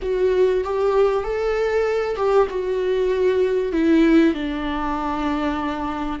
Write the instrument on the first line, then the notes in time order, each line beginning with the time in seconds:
viola
0.02 F#4
0.64 G4
1.24 A4
2.16 G4
2.49 F#4
3.72 E4
4.34 D4